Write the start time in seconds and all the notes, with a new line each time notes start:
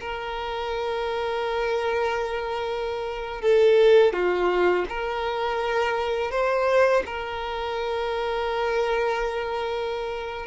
0.00 A#4
3.41 A4
4.13 F4
4.89 A#4
6.31 C5
7.05 A#4